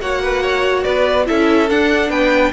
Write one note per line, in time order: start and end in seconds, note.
0.00 0.84 A#3
0.00 1.25 F#4
0.00 0.22 C#5
0.00 0.83 F#5
0.22 0.42 B4
0.42 0.84 C#5
0.83 1.28 B3
0.83 1.26 B4
0.83 1.25 D5
1.25 1.70 C#4
1.25 1.67 E4
1.25 2.10 A4
1.25 1.69 E5
1.69 2.53 D4
1.69 2.10 D4
1.69 2.10 F#5
2.10 2.52 B3
2.10 2.51 B4
2.10 2.52 G5